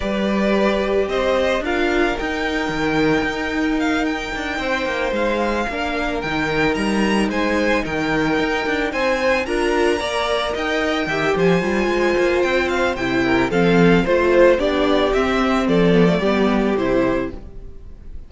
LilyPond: <<
  \new Staff \with { instrumentName = "violin" } { \time 4/4 \tempo 4 = 111 d''2 dis''4 f''4 | g''2. f''8 g''8~ | g''4. f''2 g''8~ | g''8 ais''4 gis''4 g''4.~ |
g''8 gis''4 ais''2 g''8~ | g''4 gis''2 g''8 f''8 | g''4 f''4 c''4 d''4 | e''4 d''2 c''4 | }
  \new Staff \with { instrumentName = "violin" } { \time 4/4 b'2 c''4 ais'4~ | ais'1~ | ais'8 c''2 ais'4.~ | ais'4. c''4 ais'4.~ |
ais'8 c''4 ais'4 d''4 dis''8~ | dis''8 e''8 c''2.~ | c''8 ais'8 a'4 c''4 g'4~ | g'4 a'4 g'2 | }
  \new Staff \with { instrumentName = "viola" } { \time 4/4 g'2. f'4 | dis'1~ | dis'2~ dis'8 d'4 dis'8~ | dis'1~ |
dis'4. f'4 ais'4.~ | ais'8 g'4 f'2~ f'8 | e'4 c'4 f'4 d'4 | c'4. b16 a16 b4 e'4 | }
  \new Staff \with { instrumentName = "cello" } { \time 4/4 g2 c'4 d'4 | dis'4 dis4 dis'2 | d'8 c'8 ais8 gis4 ais4 dis8~ | dis8 g4 gis4 dis4 dis'8 |
d'8 c'4 d'4 ais4 dis'8~ | dis'8 dis8 f8 g8 gis8 ais8 c'4 | c4 f4 a4 b4 | c'4 f4 g4 c4 | }
>>